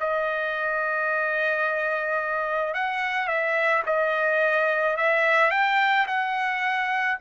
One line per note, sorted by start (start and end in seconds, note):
0.00 2.74 D#5
2.74 3.28 F#5
3.28 3.83 E5
3.86 4.97 D#5
4.97 5.51 E5
5.51 6.06 G5
6.07 7.18 F#5